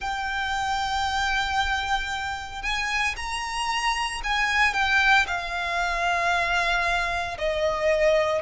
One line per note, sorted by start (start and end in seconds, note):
0.00 2.62 G5
2.62 3.15 G#5
3.16 4.21 A#5
4.23 4.73 G#5
4.73 5.26 G5
5.26 7.37 F5
7.38 8.42 D#5